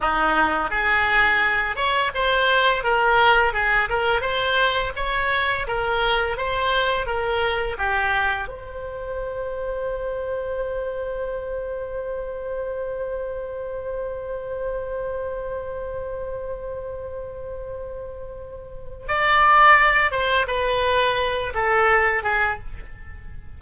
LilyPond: \new Staff \with { instrumentName = "oboe" } { \time 4/4 \tempo 4 = 85 dis'4 gis'4. cis''8 c''4 | ais'4 gis'8 ais'8 c''4 cis''4 | ais'4 c''4 ais'4 g'4 | c''1~ |
c''1~ | c''1~ | c''2. d''4~ | d''8 c''8 b'4. a'4 gis'8 | }